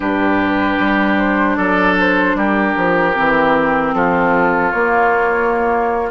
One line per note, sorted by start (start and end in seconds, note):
0.00 0.78 G2
0.00 3.13 D4
0.00 1.57 G4
0.00 1.18 B4
0.79 1.58 G3
1.18 1.56 C5
1.56 2.34 F#3
1.56 2.36 A4
1.56 1.95 D5
1.99 2.38 C5
2.34 2.74 G3
2.34 3.95 G4
2.34 3.94 A#4
2.76 3.16 F3
3.14 3.93 E3
3.14 4.72 C4
3.93 4.72 F3
3.93 6.10 F4
3.93 4.71 A4
4.71 6.10 A#3
4.71 6.09 C#5